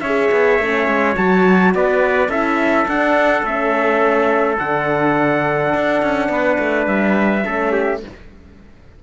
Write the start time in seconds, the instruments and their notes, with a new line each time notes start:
0.00 cello C#4, horn G#4, trumpet C#5 E5
0.31 cello B3
0.59 cello A3, horn C#4
0.87 cello G#3
1.15 cello F#3, horn F#4, trumpet A5
1.74 cello B3, trumpet B4 D5
2.29 cello C#4, horn E4, trumpet A4 E5
2.87 horn D4, cello D4, trumpet F#5
3.43 cello A3, horn C#4, trumpet E5
4.58 cello D3, horn D4, trumpet F#5
5.75 cello D4
6.02 cello C#4
6.29 cello B3, trumpet B4
6.58 cello A3
6.87 cello G3, trumpet E5
7.44 cello A3, horn C#4, trumpet A4
7.72 trumpet G4